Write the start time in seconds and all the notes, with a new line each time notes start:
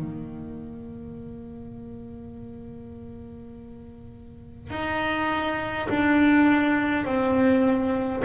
0.00 A#3
4.71 D#4
5.90 D4
7.05 C4